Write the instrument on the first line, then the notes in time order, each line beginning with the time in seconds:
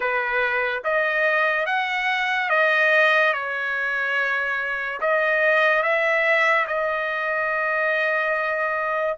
trumpet
0.00 B4
0.83 D#5
1.66 F#5
2.49 D#5
3.33 C#5
5.00 D#5
5.83 E5
6.67 D#5